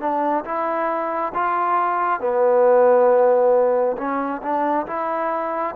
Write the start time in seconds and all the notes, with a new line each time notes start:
0.00 D4
0.45 E4
1.34 F4
2.20 B3
3.97 C#4
4.42 D4
4.87 E4